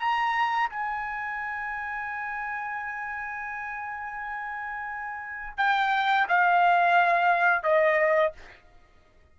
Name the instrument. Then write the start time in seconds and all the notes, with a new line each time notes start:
trumpet
0.00 A#5
0.70 G#5
5.58 G5
6.29 F5
7.63 D#5